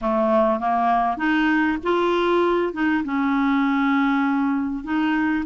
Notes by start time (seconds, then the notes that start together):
0.01 A3
0.59 A#3
1.17 D#4
1.83 F4
2.73 D#4
3.04 C#4
4.84 D#4